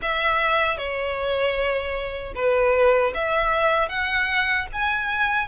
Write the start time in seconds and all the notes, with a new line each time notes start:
0.01 E5
0.77 C#5
2.35 B4
3.14 E5
3.89 F#5
4.72 G#5